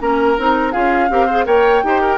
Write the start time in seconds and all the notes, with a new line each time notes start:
0.00 A#3 C#4 A#4 A#5
0.38 C4 D#4
0.72 C#4 F4 G#4 F5
1.09 C4 G4 A#4
1.26 G#4 C5
1.45 A#3 A#4 C#5 G5
1.83 D#4 G4 C5
2.01 A#4